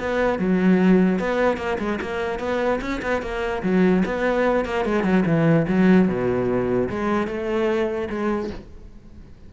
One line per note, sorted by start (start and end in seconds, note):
0.00 0.39 B3
0.39 1.19 F#3
1.19 1.58 B3
1.58 1.78 A#3
1.79 2.00 G#3
2.01 2.40 A#3
2.40 2.80 B3
2.81 3.02 C#4
3.02 3.22 B3
3.22 3.63 A#3
3.63 4.04 F#3
4.05 4.65 B3
4.65 4.85 A#3
4.85 5.04 G#3
5.04 5.24 F#3
5.26 5.67 E3
5.68 6.08 F#3
6.08 6.89 B2
6.90 7.28 G#3
7.28 8.09 A3
8.10 8.50 G#3